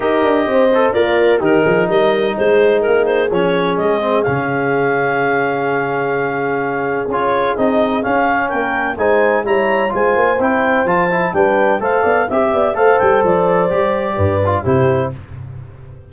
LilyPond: <<
  \new Staff \with { instrumentName = "clarinet" } { \time 4/4 \tempo 4 = 127 dis''2 d''4 ais'4 | dis''4 c''4 ais'8 c''8 cis''4 | dis''4 f''2.~ | f''2. cis''4 |
dis''4 f''4 g''4 gis''4 | ais''4 gis''4 g''4 a''4 | g''4 f''4 e''4 f''8 g''8 | d''2. c''4 | }
  \new Staff \with { instrumentName = "horn" } { \time 4/4 ais'4 c''4 f'4 g'8 gis'8 | ais'4 gis'2.~ | gis'1~ | gis'1~ |
gis'2 ais'4 c''4 | cis''4 c''2. | b'4 c''8 d''8 e''8 d''8 c''4~ | c''2 b'4 g'4 | }
  \new Staff \with { instrumentName = "trombone" } { \time 4/4 g'4. a'8 ais'4 dis'4~ | dis'2. cis'4~ | cis'8 c'8 cis'2.~ | cis'2. f'4 |
dis'4 cis'2 dis'4 | e'4 f'4 e'4 f'8 e'8 | d'4 a'4 g'4 a'4~ | a'4 g'4. f'8 e'4 | }
  \new Staff \with { instrumentName = "tuba" } { \time 4/4 dis'8 d'8 c'4 ais4 dis8 f8 | g4 gis4 ais4 f4 | gis4 cis2.~ | cis2. cis'4 |
c'4 cis'4 ais4 gis4 | g4 gis8 ais8 c'4 f4 | g4 a8 b8 c'8 b8 a8 g8 | f4 g4 g,4 c4 | }
>>